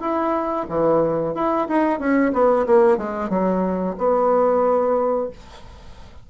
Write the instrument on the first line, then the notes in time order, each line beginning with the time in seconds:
bassoon
0.00 E4
0.68 E3
1.34 E4
1.68 D#4
1.99 C#4
2.33 B3
2.66 A#3
2.97 G#3
3.29 F#3
3.98 B3